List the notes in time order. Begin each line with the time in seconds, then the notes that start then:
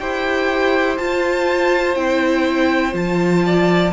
0.00 E4 G4 C5 G5
0.98 F4 A5
1.96 C4 E4 G5
2.93 F3 F4 A5
3.46 D5